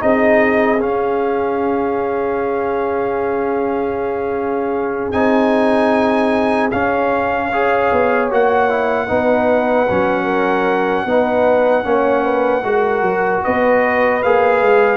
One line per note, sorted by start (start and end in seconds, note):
0.00 0.82 C4
0.00 0.79 D#4
0.00 7.49 G#4
0.00 0.81 D#5
0.80 5.13 C#4
0.80 5.15 C#4
0.80 5.12 F5
5.12 6.73 C4
5.12 6.71 D#4
5.12 6.70 G#5
6.71 7.92 C#4
6.71 7.53 C#4
6.71 8.29 F5
7.49 8.31 G#4
7.49 9.07 C#5
7.92 8.31 B3
8.31 9.10 A#3
8.31 8.70 F#4
8.31 13.44 F#5
8.70 9.08 E4
9.08 9.90 B3
9.08 9.87 D#4
9.08 10.25 B4
9.90 11.06 F#3
9.90 11.08 C#4
10.25 11.04 A#4
11.06 11.85 B3
11.06 11.84 D#4
11.06 11.85 B4
11.84 12.64 A#3
11.84 12.63 C#4
11.84 12.25 C#5
12.25 12.65 B4
12.64 13.02 G#3
12.64 14.23 F#4
12.64 13.44 A#4
13.02 13.42 F#3
13.44 14.25 B3
13.44 14.98 B4
13.44 14.23 D#5
14.23 14.62 A#3
14.23 14.98 G#4
14.23 14.98 F5
14.62 14.98 G#3